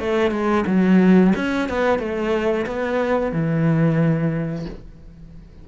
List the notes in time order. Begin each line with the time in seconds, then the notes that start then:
0.00 A3
0.31 G#3
0.67 F#3
1.35 C#4
1.69 B3
1.99 A3
2.66 B3
3.32 E3